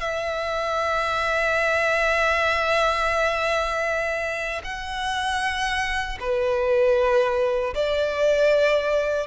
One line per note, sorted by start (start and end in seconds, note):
0.00 4.62 E5
4.64 6.18 F#5
6.20 7.74 B4
7.74 9.27 D5